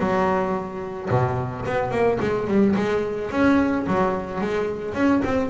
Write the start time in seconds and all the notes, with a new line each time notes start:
0.00 F#3
1.10 B2
1.66 B3
1.92 A#3
2.21 G#3
2.48 G3
2.76 G#3
3.32 C#4
3.87 F#3
4.42 G#3
4.95 C#4
5.24 C4